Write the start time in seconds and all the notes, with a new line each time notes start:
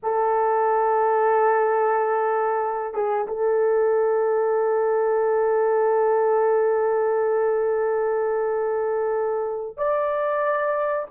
0.02 A4
2.94 G#4
3.27 A4
9.77 D5